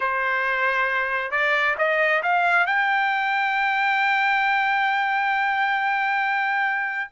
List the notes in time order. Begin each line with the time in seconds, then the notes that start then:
0.00 C5
1.31 D5
1.78 D#5
2.22 F5
2.66 G5